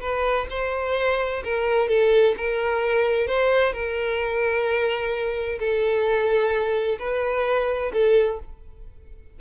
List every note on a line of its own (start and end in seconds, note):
0.00 0.47 B4
0.50 1.43 C5
1.44 1.88 A#4
1.88 2.35 A4
2.37 3.27 A#4
3.27 3.73 C5
3.73 5.59 A#4
5.59 6.98 A4
6.99 7.92 B4
7.92 8.39 A4